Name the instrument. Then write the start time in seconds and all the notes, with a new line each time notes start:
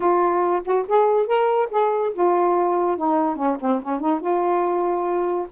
saxophone
0.00 F4
0.65 F#4
0.88 G#4
1.27 A#4
1.71 G#4
2.13 F4
2.97 D#4
3.36 C#4
3.60 C4
3.82 C#4
4.00 D#4
4.20 F4